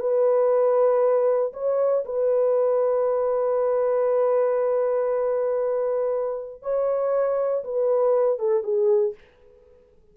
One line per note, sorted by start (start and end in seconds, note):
0.00 1.53 B4
1.53 2.04 C#5
2.05 6.62 B4
6.62 7.64 C#5
7.65 8.39 B4
8.39 8.63 A4
8.63 9.14 G#4